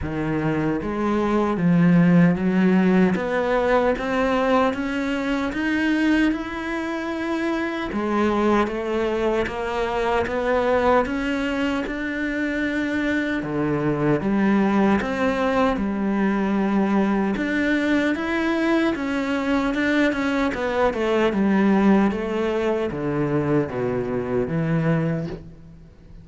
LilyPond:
\new Staff \with { instrumentName = "cello" } { \time 4/4 \tempo 4 = 76 dis4 gis4 f4 fis4 | b4 c'4 cis'4 dis'4 | e'2 gis4 a4 | ais4 b4 cis'4 d'4~ |
d'4 d4 g4 c'4 | g2 d'4 e'4 | cis'4 d'8 cis'8 b8 a8 g4 | a4 d4 b,4 e4 | }